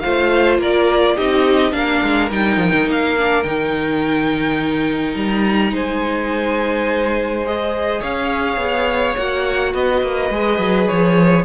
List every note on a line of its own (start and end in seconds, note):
0.00 0.59 A3
0.00 1.18 F4
0.00 0.61 C5
0.00 0.57 F5
0.59 1.16 A#3
0.59 1.16 A#4
0.59 1.17 D5
1.16 1.73 C4
1.16 1.72 D#4
1.16 1.73 G4
1.16 1.73 D#5
1.72 2.01 A#3
1.72 2.29 D4
1.72 5.73 A#4
1.72 2.30 F5
2.03 2.31 G#3
2.31 2.57 G3
2.31 3.17 D#4
2.31 2.89 G5
2.57 2.71 F3
2.73 2.87 D#3
2.87 3.44 A#3
2.87 3.43 F5
3.18 3.45 D4
3.43 5.15 D#3
3.43 7.45 D#4
3.43 5.15 G5
5.15 5.72 G3
5.15 5.74 A#5
5.72 8.01 G#3
5.72 8.01 C5
5.72 7.47 G#5
7.46 9.17 G#4
7.46 8.02 D#5
8.01 8.57 C#4
8.01 9.72 C#5
8.01 9.17 F5
8.57 9.14 B3
9.17 9.75 A#3
9.17 10.32 F#4
9.17 9.74 F#5
9.73 10.02 B3
9.73 11.44 B4
9.73 10.88 D#5
10.02 10.31 A#3
10.31 10.59 G#3
10.31 11.45 G#4
10.59 10.87 F#3
10.88 11.45 F3
10.88 11.45 C#5